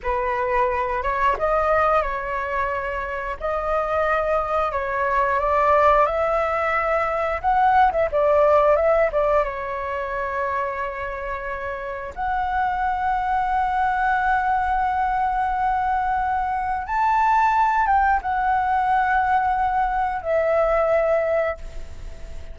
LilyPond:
\new Staff \with { instrumentName = "flute" } { \time 4/4 \tempo 4 = 89 b'4. cis''8 dis''4 cis''4~ | cis''4 dis''2 cis''4 | d''4 e''2 fis''8. e''16 | d''4 e''8 d''8 cis''2~ |
cis''2 fis''2~ | fis''1~ | fis''4 a''4. g''8 fis''4~ | fis''2 e''2 | }